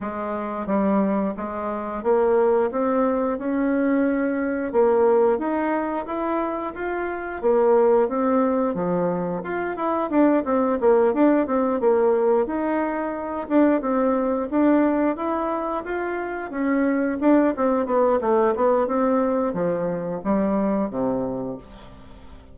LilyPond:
\new Staff \with { instrumentName = "bassoon" } { \time 4/4 \tempo 4 = 89 gis4 g4 gis4 ais4 | c'4 cis'2 ais4 | dis'4 e'4 f'4 ais4 | c'4 f4 f'8 e'8 d'8 c'8 |
ais8 d'8 c'8 ais4 dis'4. | d'8 c'4 d'4 e'4 f'8~ | f'8 cis'4 d'8 c'8 b8 a8 b8 | c'4 f4 g4 c4 | }